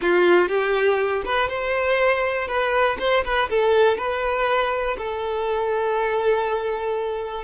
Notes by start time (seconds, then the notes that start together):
0.01 F4
0.48 G4
1.25 B4
1.49 C5
2.47 B4
2.99 C5
3.24 B4
3.49 A4
3.97 B4
4.97 A4